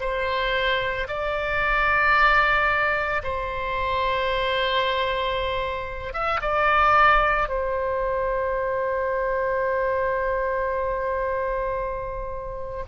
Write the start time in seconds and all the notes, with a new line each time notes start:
0.00 C5
1.08 D5
3.23 C5
6.13 E5
6.41 D5
7.48 C5